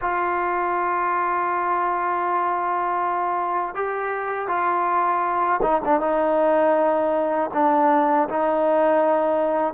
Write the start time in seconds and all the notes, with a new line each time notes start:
0.01 F4
3.74 G4
4.48 F4
5.62 D#4
5.84 D4
6.00 D#4
7.53 D4
8.28 D#4